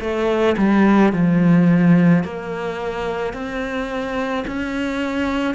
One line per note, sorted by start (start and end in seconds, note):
0.00 0.56 A3
0.57 1.13 G3
1.13 2.24 F3
2.24 3.33 A#3
3.33 4.44 C4
4.47 5.55 C#4